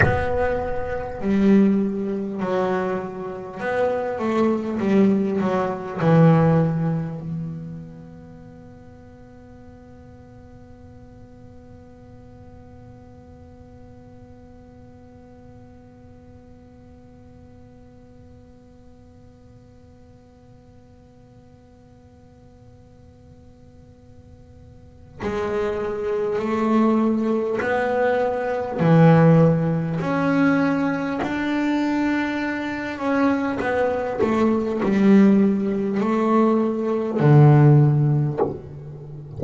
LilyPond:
\new Staff \with { instrumentName = "double bass" } { \time 4/4 \tempo 4 = 50 b4 g4 fis4 b8 a8 | g8 fis8 e4 b2~ | b1~ | b1~ |
b1~ | b4 gis4 a4 b4 | e4 cis'4 d'4. cis'8 | b8 a8 g4 a4 d4 | }